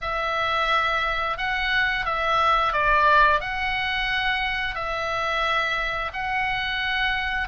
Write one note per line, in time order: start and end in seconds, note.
0.01 1.37 E5
1.37 2.05 F#5
2.05 2.72 E5
2.72 3.40 D5
3.40 4.75 F#5
4.75 6.11 E5
6.13 7.48 F#5